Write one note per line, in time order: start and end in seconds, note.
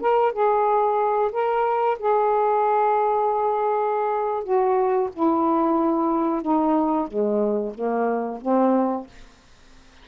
0.00 0.32 A#4
0.32 1.31 G#4
1.32 1.98 A#4
1.99 4.43 G#4
4.43 5.09 F#4
5.13 6.42 E4
6.42 7.07 D#4
7.07 7.73 G#3
7.74 8.40 A#3
8.41 9.07 C4